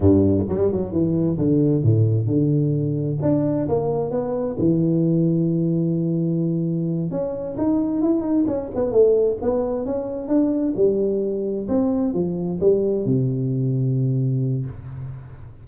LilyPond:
\new Staff \with { instrumentName = "tuba" } { \time 4/4 \tempo 4 = 131 g,4 g8 fis8 e4 d4 | a,4 d2 d'4 | ais4 b4 e2~ | e2.~ e8 cis'8~ |
cis'8 dis'4 e'8 dis'8 cis'8 b8 a8~ | a8 b4 cis'4 d'4 g8~ | g4. c'4 f4 g8~ | g8 c2.~ c8 | }